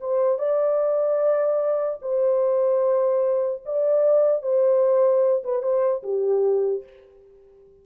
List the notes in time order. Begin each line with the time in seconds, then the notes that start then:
0.00 C5
0.38 D5
2.01 C5
3.65 D5
4.42 C5
5.44 B4
5.62 C5
6.03 G4